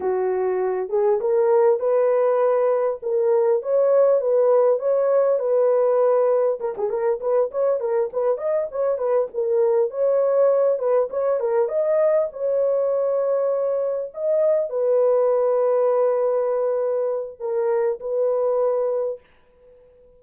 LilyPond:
\new Staff \with { instrumentName = "horn" } { \time 4/4 \tempo 4 = 100 fis'4. gis'8 ais'4 b'4~ | b'4 ais'4 cis''4 b'4 | cis''4 b'2 ais'16 gis'16 ais'8 | b'8 cis''8 ais'8 b'8 dis''8 cis''8 b'8 ais'8~ |
ais'8 cis''4. b'8 cis''8 ais'8 dis''8~ | dis''8 cis''2. dis''8~ | dis''8 b'2.~ b'8~ | b'4 ais'4 b'2 | }